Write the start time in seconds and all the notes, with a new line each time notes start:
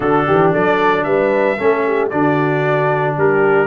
0.00 D3 D4 F#4 A4
0.27 E3 G4
0.51 F#3 A4 D5
1.03 G3 B4 E5
1.57 A3 C#4 A4
1.86 G4
2.09 D3 D4 F#4 D5
3.17 G3 G4 A#4